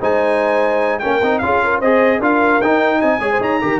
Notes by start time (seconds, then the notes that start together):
0.00 G#3 D#4 C5 G#5
0.99 A#3 C#4 A#4 G5
1.22 C4 D#4
1.39 C#4 F4 F5
1.45 G#4
1.64 A#4
1.79 C4 G#4 C5 D#5
2.19 D4 F4 A#4 F5
2.62 D#4 G5
2.99 C4 D#5 G#5
3.19 G#3 G#4 C#5
3.32 C5
3.40 D#4 C#5 A#5
3.62 D#3 G4 A#4